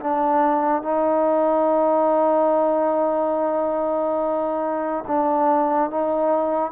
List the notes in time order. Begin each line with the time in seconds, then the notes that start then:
0.00 D4
0.82 D#4
5.07 D4
5.90 D#4